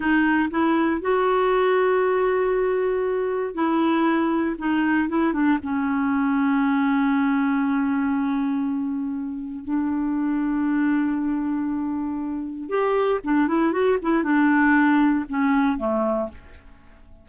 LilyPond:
\new Staff \with { instrumentName = "clarinet" } { \time 4/4 \tempo 4 = 118 dis'4 e'4 fis'2~ | fis'2. e'4~ | e'4 dis'4 e'8 d'8 cis'4~ | cis'1~ |
cis'2. d'4~ | d'1~ | d'4 g'4 d'8 e'8 fis'8 e'8 | d'2 cis'4 a4 | }